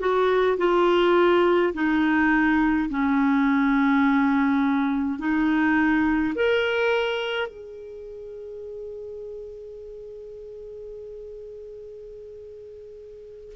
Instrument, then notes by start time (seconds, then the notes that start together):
clarinet
0.00 F#4
0.58 F4
1.74 D#4
2.90 C#4
5.19 D#4
6.36 A#4
7.48 G#4